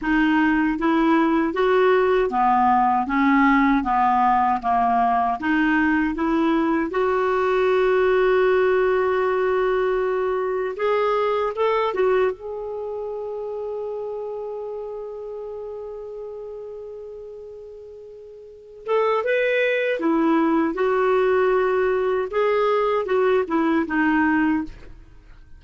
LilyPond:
\new Staff \with { instrumentName = "clarinet" } { \time 4/4 \tempo 4 = 78 dis'4 e'4 fis'4 b4 | cis'4 b4 ais4 dis'4 | e'4 fis'2.~ | fis'2 gis'4 a'8 fis'8 |
gis'1~ | gis'1~ | gis'8 a'8 b'4 e'4 fis'4~ | fis'4 gis'4 fis'8 e'8 dis'4 | }